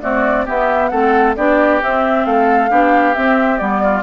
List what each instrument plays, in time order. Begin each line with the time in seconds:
0.00 clarinet A3, bassoon C4, oboe F#4, flute D5
0.45 clarinet B3, bassoon B3, oboe G4, flute E5
0.88 bassoon A3, clarinet C4, oboe A4, flute F#5
1.36 bassoon B3, clarinet D4, oboe G4, flute D5
1.81 clarinet C4, bassoon C4, flute E5
2.25 bassoon A3, oboe A4, flute F5
2.69 bassoon B3, clarinet D4, oboe G4
3.14 clarinet C4, bassoon C4, flute E5
3.57 bassoon G3, clarinet B3, flute D5
3.83 oboe F4